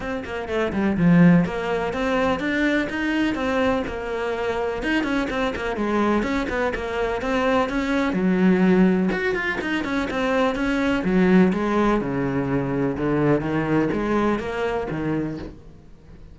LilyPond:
\new Staff \with { instrumentName = "cello" } { \time 4/4 \tempo 4 = 125 c'8 ais8 a8 g8 f4 ais4 | c'4 d'4 dis'4 c'4 | ais2 dis'8 cis'8 c'8 ais8 | gis4 cis'8 b8 ais4 c'4 |
cis'4 fis2 fis'8 f'8 | dis'8 cis'8 c'4 cis'4 fis4 | gis4 cis2 d4 | dis4 gis4 ais4 dis4 | }